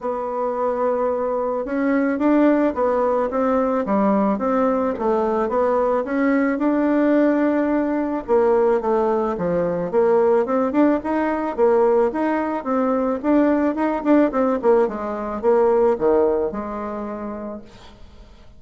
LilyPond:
\new Staff \with { instrumentName = "bassoon" } { \time 4/4 \tempo 4 = 109 b2. cis'4 | d'4 b4 c'4 g4 | c'4 a4 b4 cis'4 | d'2. ais4 |
a4 f4 ais4 c'8 d'8 | dis'4 ais4 dis'4 c'4 | d'4 dis'8 d'8 c'8 ais8 gis4 | ais4 dis4 gis2 | }